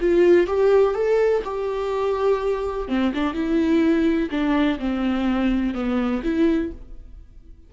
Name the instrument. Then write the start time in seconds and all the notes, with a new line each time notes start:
viola
0.00 F4
0.47 G4
0.94 A4
1.44 G4
2.88 C4
3.14 D4
3.33 E4
4.30 D4
4.79 C4
5.74 B3
6.23 E4